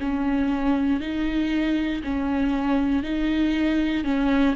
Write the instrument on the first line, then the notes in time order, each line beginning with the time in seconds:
viola
0.00 C#4
1.00 D#4
2.04 C#4
3.03 D#4
4.04 C#4